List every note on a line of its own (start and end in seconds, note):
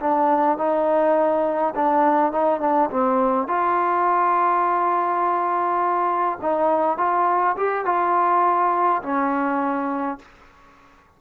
0.00 0.57 D4
0.57 1.74 D#4
1.75 2.32 D4
2.32 2.61 D#4
2.61 2.90 D4
2.90 3.48 C4
3.48 6.39 F4
6.42 6.97 D#4
6.97 7.56 F4
7.57 7.85 G4
7.85 9.02 F4
9.02 10.19 C#4